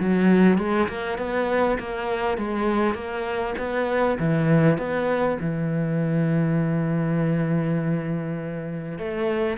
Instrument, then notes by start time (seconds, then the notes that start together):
cello
0.00 F#3
0.59 G#3
0.89 A#3
1.19 B3
1.79 A#3
2.38 G#3
2.95 A#3
3.59 B3
4.19 E3
4.79 B3
5.41 E3
8.99 A3